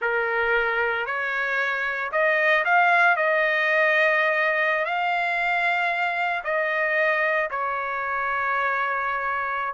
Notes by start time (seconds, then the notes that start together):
0.01 A#4
1.06 C#5
2.11 D#5
2.65 F5
3.16 D#5
4.85 F5
6.44 D#5
7.50 C#5